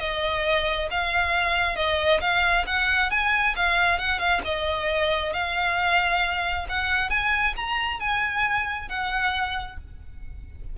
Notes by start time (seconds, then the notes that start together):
0.00 D#5
0.91 F5
1.76 D#5
2.21 F5
2.67 F#5
3.11 G#5
3.56 F5
3.99 F#5
4.19 F5
4.45 D#5
5.34 F5
6.69 F#5
7.10 G#5
7.57 A#5
8.00 G#5
8.89 F#5